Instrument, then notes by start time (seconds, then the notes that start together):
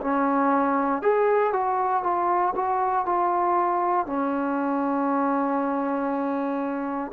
trombone
0.00 C#4
1.02 G#4
1.53 F#4
2.03 F4
2.55 F#4
3.05 F4
4.06 C#4